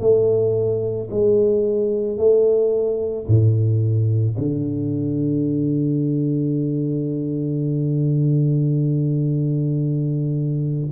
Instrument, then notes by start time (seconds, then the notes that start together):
tuba
0.00 A3
1.11 G#3
2.18 A3
3.27 A2
4.38 D3